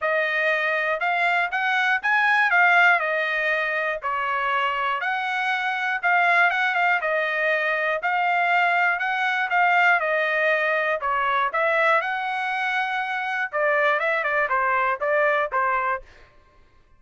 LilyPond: \new Staff \with { instrumentName = "trumpet" } { \time 4/4 \tempo 4 = 120 dis''2 f''4 fis''4 | gis''4 f''4 dis''2 | cis''2 fis''2 | f''4 fis''8 f''8 dis''2 |
f''2 fis''4 f''4 | dis''2 cis''4 e''4 | fis''2. d''4 | e''8 d''8 c''4 d''4 c''4 | }